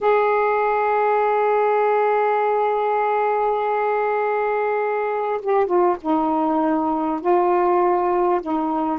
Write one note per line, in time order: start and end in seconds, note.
0.01 5.41 G#4
5.41 5.66 G4
5.66 5.96 F4
6.01 7.20 D#4
7.20 8.40 F4
8.41 8.99 D#4